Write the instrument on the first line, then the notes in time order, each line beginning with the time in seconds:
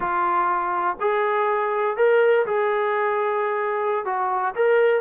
trombone
0.00 F4
1.00 G#4
1.96 A#4
2.46 G#4
4.05 F#4
4.55 A#4